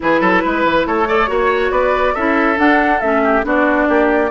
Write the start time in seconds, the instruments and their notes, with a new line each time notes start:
0.00 bassoon E3, clarinet E4, oboe G#4, flute B4
0.20 bassoon F#3, oboe A4
0.45 bassoon G#3, oboe B4
0.64 bassoon E3
0.85 bassoon A3, oboe A4, flute C#5
1.07 clarinet A4, oboe D5
1.27 bassoon A#3, clarinet F#4, oboe C#5
1.71 bassoon B3, oboe B4, flute D5
2.14 bassoon C#4, clarinet E4, oboe A4, flute E5
2.56 clarinet D4, bassoon D4, flute F#5
3.00 bassoon A3, clarinet C#4, flute E5
3.23 oboe G4
3.43 bassoon B3, clarinet D4, oboe F#4, flute D5
3.88 bassoon A#3, oboe G4